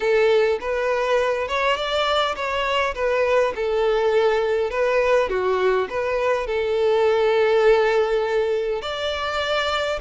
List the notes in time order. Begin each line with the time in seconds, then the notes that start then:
0.00 A4
0.60 B4
1.48 C#5
1.76 D5
2.35 C#5
2.94 B4
3.55 A4
4.70 B4
5.29 F#4
5.89 B4
6.46 A4
8.81 D5